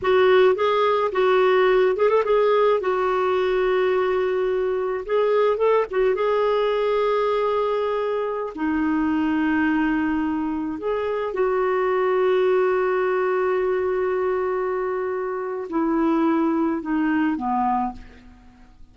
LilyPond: \new Staff \with { instrumentName = "clarinet" } { \time 4/4 \tempo 4 = 107 fis'4 gis'4 fis'4. gis'16 a'16 | gis'4 fis'2.~ | fis'4 gis'4 a'8 fis'8 gis'4~ | gis'2.~ gis'16 dis'8.~ |
dis'2.~ dis'16 gis'8.~ | gis'16 fis'2.~ fis'8.~ | fis'1 | e'2 dis'4 b4 | }